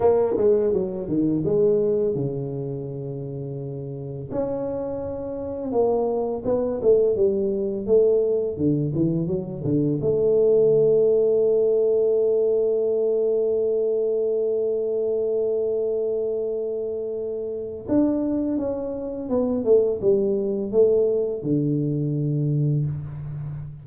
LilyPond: \new Staff \with { instrumentName = "tuba" } { \time 4/4 \tempo 4 = 84 ais8 gis8 fis8 dis8 gis4 cis4~ | cis2 cis'2 | ais4 b8 a8 g4 a4 | d8 e8 fis8 d8 a2~ |
a1~ | a1~ | a4 d'4 cis'4 b8 a8 | g4 a4 d2 | }